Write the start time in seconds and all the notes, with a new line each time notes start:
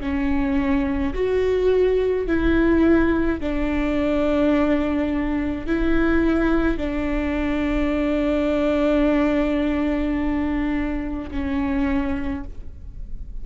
0.00 C#4
1.13 F#4
2.27 E4
3.40 D4
5.66 E4
6.77 D4
11.31 C#4